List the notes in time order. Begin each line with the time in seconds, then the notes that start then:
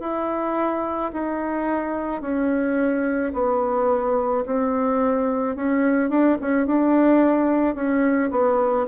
0.00 E4
1.13 D#4
2.21 C#4
3.33 B3
4.45 C4
5.56 C#4
6.10 D4
6.41 C#4
6.67 D4
7.75 C#4
8.31 B3